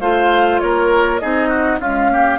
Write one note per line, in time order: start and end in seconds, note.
0.00 0.61 A3
0.00 1.21 F4
0.00 0.61 C5
0.00 0.60 F5
0.60 1.23 A#3
0.60 1.22 A#4
0.60 1.19 C#5
1.19 1.80 C4
1.19 1.81 D#4
1.19 1.49 G#4
1.19 1.79 D#5
1.49 1.79 F#4
1.80 2.11 G#3
1.80 2.39 C#4
1.80 2.11 F4
1.80 2.39 F5
2.11 2.39 A#3
2.11 2.39 G4